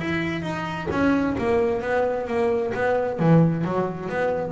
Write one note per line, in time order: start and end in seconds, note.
0.00 0.42 E4
0.42 0.88 D#4
0.91 1.37 C#4
1.38 1.82 A#3
1.82 2.28 B3
2.28 2.73 A#3
2.74 3.20 B3
3.20 3.65 E3
3.65 4.10 F#3
4.10 4.52 B3